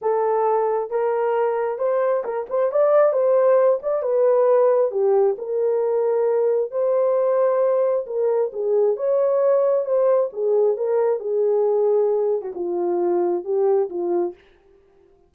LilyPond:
\new Staff \with { instrumentName = "horn" } { \time 4/4 \tempo 4 = 134 a'2 ais'2 | c''4 ais'8 c''8 d''4 c''4~ | c''8 d''8 b'2 g'4 | ais'2. c''4~ |
c''2 ais'4 gis'4 | cis''2 c''4 gis'4 | ais'4 gis'2~ gis'8. fis'16 | f'2 g'4 f'4 | }